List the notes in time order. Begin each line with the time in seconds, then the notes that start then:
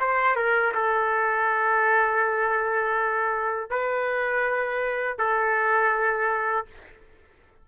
0.00 C5
0.36 A#4
0.74 A4
3.70 B4
5.18 A4